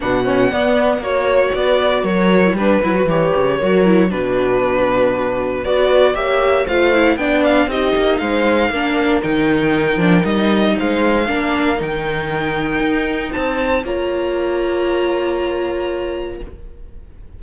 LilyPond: <<
  \new Staff \with { instrumentName = "violin" } { \time 4/4 \tempo 4 = 117 fis''2 cis''4 d''4 | cis''4 b'4 cis''2 | b'2. d''4 | e''4 f''4 g''8 f''8 dis''4 |
f''2 g''2 | dis''4 f''2 g''4~ | g''2 a''4 ais''4~ | ais''1 | }
  \new Staff \with { instrumentName = "horn" } { \time 4/4 b'8 cis''8 d''4 cis''4 b'4 | ais'4 b'2 ais'4 | fis'2. b'4 | cis''4 c''4 d''4 g'4 |
c''4 ais'2.~ | ais'4 c''4 ais'2~ | ais'2 c''4 cis''4~ | cis''1 | }
  \new Staff \with { instrumentName = "viola" } { \time 4/4 d'8 cis'8 b4 fis'2~ | fis'8. e'16 d'8 e'16 fis'16 g'4 fis'8 e'8 | d'2. fis'4 | g'4 f'8 e'8 d'4 dis'4~ |
dis'4 d'4 dis'4. d'8 | dis'2 d'4 dis'4~ | dis'2. f'4~ | f'1 | }
  \new Staff \with { instrumentName = "cello" } { \time 4/4 b,4 b4 ais4 b4 | fis4 g8 fis8 e8 cis8 fis4 | b,2. b4 | ais4 a4 b4 c'8 ais8 |
gis4 ais4 dis4. f8 | g4 gis4 ais4 dis4~ | dis4 dis'4 c'4 ais4~ | ais1 | }
>>